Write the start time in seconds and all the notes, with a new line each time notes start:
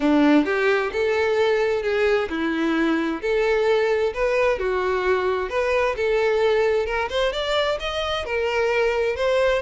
0.00 D4
0.45 G4
0.92 A4
1.82 G#4
2.29 E4
3.21 A4
4.14 B4
4.58 F#4
5.49 B4
5.96 A4
6.86 A#4
7.09 C5
7.32 D5
7.79 D#5
8.25 A#4
9.16 C5